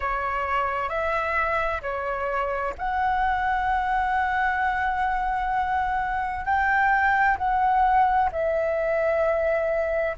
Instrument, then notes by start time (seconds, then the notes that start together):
flute
0.00 C#5
0.89 E5
1.81 C#5
2.77 F#5
6.44 G5
7.37 F#5
8.32 E5